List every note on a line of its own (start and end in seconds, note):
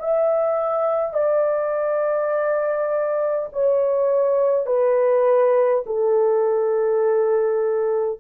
0.00 1.14 E5
1.14 3.49 D5
3.53 4.67 C#5
4.67 5.84 B4
5.87 8.20 A4